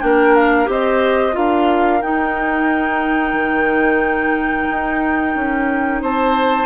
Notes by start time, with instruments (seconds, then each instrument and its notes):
0.00 bassoon A#3, clarinet D4, oboe A#4, flute G5
0.35 flute F5
0.65 bassoon C4, clarinet G4, oboe C5, flute D#5
1.32 bassoon D4, clarinet F4, oboe A#4, flute F5
2.02 clarinet D#4, bassoon D#4, flute G5
3.33 bassoon D#3
4.70 bassoon D#4
5.35 bassoon C#4
6.01 bassoon C4, oboe C5, flute A5